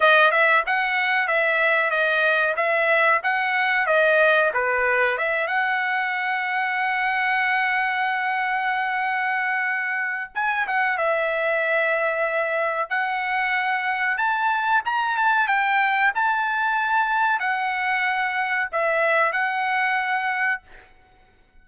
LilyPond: \new Staff \with { instrumentName = "trumpet" } { \time 4/4 \tempo 4 = 93 dis''8 e''8 fis''4 e''4 dis''4 | e''4 fis''4 dis''4 b'4 | e''8 fis''2.~ fis''8~ | fis''1 |
gis''8 fis''8 e''2. | fis''2 a''4 ais''8 a''8 | g''4 a''2 fis''4~ | fis''4 e''4 fis''2 | }